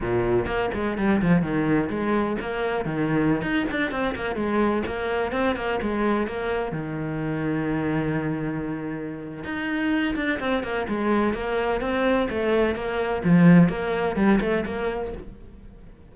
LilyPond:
\new Staff \with { instrumentName = "cello" } { \time 4/4 \tempo 4 = 127 ais,4 ais8 gis8 g8 f8 dis4 | gis4 ais4 dis4~ dis16 dis'8 d'16~ | d'16 c'8 ais8 gis4 ais4 c'8 ais16~ | ais16 gis4 ais4 dis4.~ dis16~ |
dis1 | dis'4. d'8 c'8 ais8 gis4 | ais4 c'4 a4 ais4 | f4 ais4 g8 a8 ais4 | }